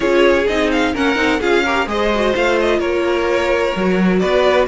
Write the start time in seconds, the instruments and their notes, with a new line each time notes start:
0.00 cello C#4, viola F4, violin G#4 C#5
0.47 cello C4, viola D#4, violin D#5
0.71 violin F5
0.93 cello A#3, viola C#4, violin A#4 F#5
1.15 cello C4, viola D#4
1.39 cello C#4, viola F4, violin G#4 F5
1.64 viola G4, violin A#4
1.86 cello G#3, viola G#4, violin C5 D#5
2.14 viola F#4
2.34 cello A3, viola F4, violin F5
2.60 violin D#5
2.78 cello A#3, violin A#4 C#5
3.75 cello F#3, viola F#4
4.19 cello B3, violin B4 D5